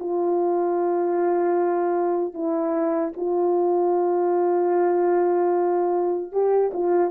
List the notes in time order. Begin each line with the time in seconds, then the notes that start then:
0.00 F4
2.34 E4
3.17 F4
6.32 G4
6.74 F4